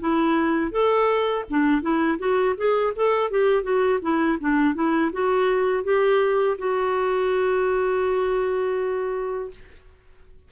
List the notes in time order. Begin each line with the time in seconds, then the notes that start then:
0.00 E4
0.71 A4
1.50 D4
1.82 E4
2.19 F#4
2.57 G#4
2.96 A4
3.31 G4
3.63 F#4
4.02 E4
4.40 D4
4.75 E4
5.13 F#4
5.84 G4
6.58 F#4